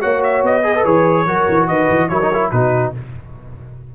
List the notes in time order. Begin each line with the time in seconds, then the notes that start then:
0.00 A#3 F#4 C#5 F#5
0.23 E5
0.42 B3 D#5
0.63 G#4 B4
0.75 A4
0.84 E3 G#4 C#5
1.25 F#3 F#4 A#4
1.48 E3
1.67 D#3 B4 D#5
1.89 E3
2.08 F#3 E4 A#4 C#5
2.22 D#4
2.33 E4
2.50 B2 D#4 F#4 B4